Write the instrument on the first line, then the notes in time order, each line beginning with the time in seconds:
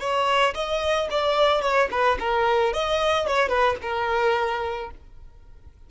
violin
0.00 C#5
0.54 D#5
1.11 D5
1.62 C#5
1.91 B4
2.20 A#4
2.73 D#5
3.27 C#5
3.49 B4
3.82 A#4